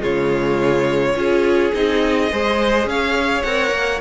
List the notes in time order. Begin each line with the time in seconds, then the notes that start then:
0.00 C#3 G#3 F4 C#5
1.15 C#4 F4 G#4
1.73 C4 D#4 D#5
2.32 G#3 G#4 C5
2.86 C#4 C#5 F5
3.43 C4 A#4 F#5
3.71 A#3